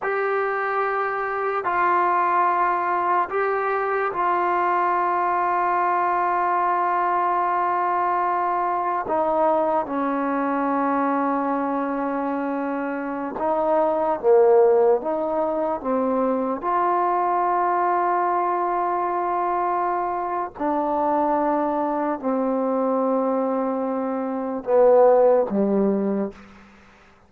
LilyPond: \new Staff \with { instrumentName = "trombone" } { \time 4/4 \tempo 4 = 73 g'2 f'2 | g'4 f'2.~ | f'2. dis'4 | cis'1~ |
cis'16 dis'4 ais4 dis'4 c'8.~ | c'16 f'2.~ f'8.~ | f'4 d'2 c'4~ | c'2 b4 g4 | }